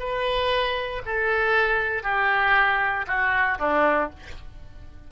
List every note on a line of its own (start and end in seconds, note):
0.00 1.03 B4
1.06 2.04 A4
2.04 3.06 G4
3.07 3.59 F#4
3.59 4.10 D4